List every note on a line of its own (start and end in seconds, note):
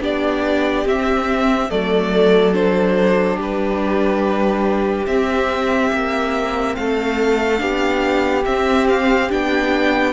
0.00 0.84 B3
0.00 0.85 D4
0.00 1.69 G4
0.00 0.87 D5
0.84 1.69 C4
0.84 1.70 C4
0.84 1.70 E5
1.69 3.37 F#3
1.69 2.53 A3
1.69 3.36 A4
1.69 2.54 D5
2.53 5.06 D4
2.53 3.38 C5
3.36 5.06 G3
3.36 6.74 G4
3.36 5.06 B4
5.06 5.91 C4
5.06 7.57 C4
5.06 6.75 E5
5.92 6.76 A#3
6.75 7.60 A3
6.75 7.61 A4
6.75 8.44 F5
7.57 8.45 B3
7.57 8.42 D4
7.57 10.12 G4
8.45 9.30 C4
8.45 9.31 C4
8.45 8.87 E5
8.88 9.31 F5
9.30 10.12 B3
9.30 10.12 D4
9.30 10.12 G5